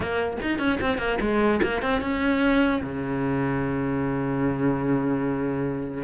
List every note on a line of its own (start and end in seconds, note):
0.00 0.37 A#3
0.42 0.58 D#4
0.58 0.79 C#4
0.80 0.98 C4
0.98 1.18 A#3
1.20 1.61 G#3
1.62 1.82 A#3
1.82 2.01 C4
2.01 2.81 C#4
2.82 6.03 C#3